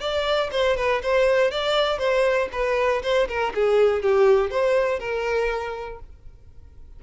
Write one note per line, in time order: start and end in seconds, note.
0.00 0.50 D5
0.51 0.76 C5
0.76 1.01 B4
1.02 1.51 C5
1.51 1.98 D5
1.98 2.48 C5
2.52 3.02 B4
3.02 3.27 C5
3.28 3.53 A#4
3.55 4.02 G#4
4.02 4.50 G4
4.50 4.99 C5
4.99 5.99 A#4